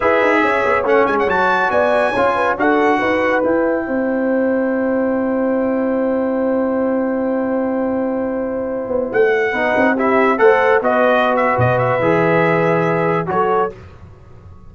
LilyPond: <<
  \new Staff \with { instrumentName = "trumpet" } { \time 4/4 \tempo 4 = 140 e''2 fis''8 gis''16 fis''16 a''4 | gis''2 fis''2 | g''1~ | g''1~ |
g''1~ | g''4~ g''16 fis''2 e''8.~ | e''16 fis''4 dis''4~ dis''16 e''8 dis''8 e''8~ | e''2. cis''4 | }
  \new Staff \with { instrumentName = "horn" } { \time 4/4 b'4 cis''2. | d''4 cis''8 b'8 a'4 b'4~ | b'4 c''2.~ | c''1~ |
c''1~ | c''2~ c''16 b'4 g'8.~ | g'16 c''4 b'2~ b'8.~ | b'2. a'4 | }
  \new Staff \with { instrumentName = "trombone" } { \time 4/4 gis'2 cis'4 fis'4~ | fis'4 f'4 fis'2 | e'1~ | e'1~ |
e'1~ | e'2~ e'16 dis'4 e'8.~ | e'16 a'4 fis'2~ fis'8. | gis'2. fis'4 | }
  \new Staff \with { instrumentName = "tuba" } { \time 4/4 e'8 dis'8 cis'8 b8 a8 gis8 fis4 | b4 cis'4 d'4 dis'4 | e'4 c'2.~ | c'1~ |
c'1~ | c'8. b8 a4 b8 c'4~ c'16~ | c'16 a4 b4.~ b16 b,4 | e2. fis4 | }
>>